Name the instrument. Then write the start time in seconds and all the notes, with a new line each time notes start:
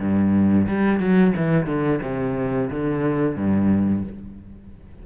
cello
0.00 G2
0.68 G3
1.00 F#3
1.37 E3
1.67 D3
2.03 C3
2.70 D3
3.36 G2